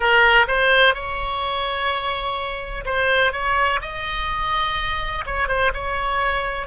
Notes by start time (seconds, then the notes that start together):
0.00 A#4
0.47 C5
0.94 C#5
2.85 C5
3.32 C#5
3.81 D#5
5.26 C#5
5.48 C5
5.73 C#5